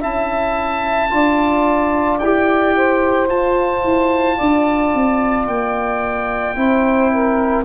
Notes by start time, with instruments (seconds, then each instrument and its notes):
0.00 tuba C#4, trombone E4, saxophone E5, oboe A5
1.10 tuba D4, trombone F4, saxophone D5
2.19 tuba E4, trombone G4, oboe G5
2.76 saxophone C5
3.28 trombone F4, tuba F4, oboe A5
3.84 tuba E4
4.37 tuba D4, saxophone D5
4.94 tuba C4
5.47 tuba A#3, oboe G5
6.56 tuba C4, trombone E4, saxophone C5
7.11 saxophone A#4